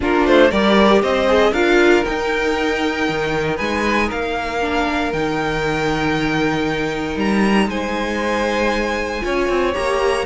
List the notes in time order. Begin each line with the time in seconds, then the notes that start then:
0.00 A#3 D4 F4 A#4
0.25 A3 C5
0.50 G3 G4 A#4 D5
1.02 C4 C5 D#5
1.27 G#4
1.51 D4 F4 A#4 F5
2.04 D#4 G5
3.08 D#3
3.55 G#3 B4 G#5
4.07 A#3 A#4 F5
4.61 D4
5.12 D#3 D#4 G5
7.16 G3 A#5
7.67 G#3 C5 G#5
9.21 C#4 F4 C#5
9.48 C4
9.73 A#3 G4 A#5